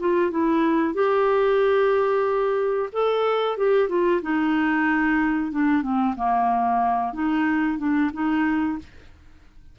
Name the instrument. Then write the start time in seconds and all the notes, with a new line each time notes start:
clarinet
0.00 F4
0.31 E4
0.95 G4
2.93 A4
3.58 G4
3.89 F4
4.22 D#4
5.52 D4
5.83 C4
6.16 A#3
7.14 D#4
7.78 D4
8.14 D#4